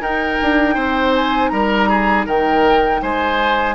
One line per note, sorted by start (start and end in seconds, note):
0.00 0.38 D#4
0.00 3.75 D#4
0.00 0.74 A#4
0.00 1.14 G5
0.41 0.75 D4
0.74 1.50 C4
0.74 1.49 C5
1.15 1.49 G#5
1.49 2.26 G3
1.49 1.89 A#4
1.49 2.24 A#5
1.89 2.25 G#4
2.25 3.01 D#3
2.25 3.00 A#4
2.25 3.02 G5
3.01 3.75 G#3
3.01 3.75 C5
3.01 3.75 G#5